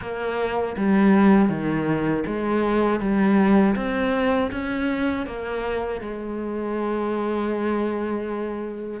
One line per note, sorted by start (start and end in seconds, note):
0.01 0.76 A#3
0.77 1.49 G3
1.49 2.24 D#3
2.26 3.00 G#3
3.00 3.75 G3
3.75 4.50 C4
4.51 5.26 C#4
5.26 6.00 A#3
6.00 9.00 G#3